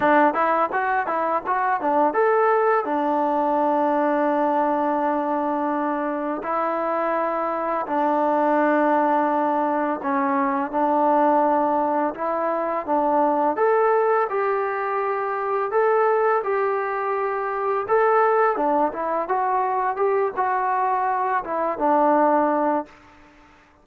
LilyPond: \new Staff \with { instrumentName = "trombone" } { \time 4/4 \tempo 4 = 84 d'8 e'8 fis'8 e'8 fis'8 d'8 a'4 | d'1~ | d'4 e'2 d'4~ | d'2 cis'4 d'4~ |
d'4 e'4 d'4 a'4 | g'2 a'4 g'4~ | g'4 a'4 d'8 e'8 fis'4 | g'8 fis'4. e'8 d'4. | }